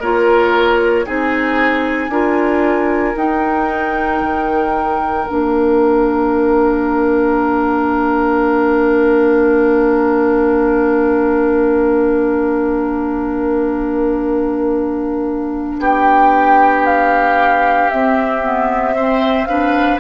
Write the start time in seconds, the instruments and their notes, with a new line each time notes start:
0.00 bassoon A#3, clarinet F4, oboe A#4, flute C#5
1.05 bassoon C4, clarinet D#4, oboe G#4, flute G#5
2.09 bassoon D4, clarinet F4, oboe A#4
3.15 clarinet D#4, bassoon D#4, flute G5
4.21 bassoon D#3
5.28 bassoon A#3, clarinet D4, flute F5
15.79 bassoon B3, oboe G4, flute G5
16.86 flute F5
17.90 clarinet C4, bassoon C4, flute E5
18.43 clarinet B3
18.95 clarinet C4, oboe C5
19.46 clarinet D4, oboe B4, flute F5